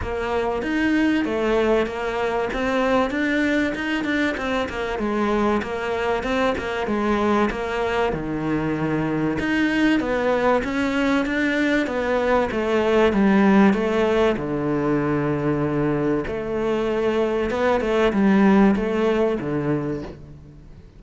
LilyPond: \new Staff \with { instrumentName = "cello" } { \time 4/4 \tempo 4 = 96 ais4 dis'4 a4 ais4 | c'4 d'4 dis'8 d'8 c'8 ais8 | gis4 ais4 c'8 ais8 gis4 | ais4 dis2 dis'4 |
b4 cis'4 d'4 b4 | a4 g4 a4 d4~ | d2 a2 | b8 a8 g4 a4 d4 | }